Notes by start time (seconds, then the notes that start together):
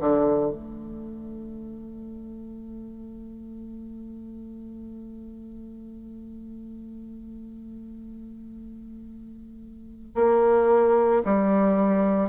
0.00 D3
0.51 A3
10.15 A#3
11.25 G3